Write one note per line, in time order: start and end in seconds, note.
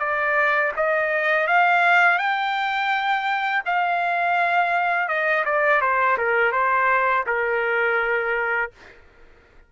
0.00 0.72 D5
0.77 1.48 D#5
1.48 2.19 F5
2.19 3.63 G5
3.66 5.09 F5
5.09 5.45 D#5
5.45 5.82 D5
5.82 6.18 C5
6.18 6.53 A#4
6.53 7.25 C5
7.27 8.71 A#4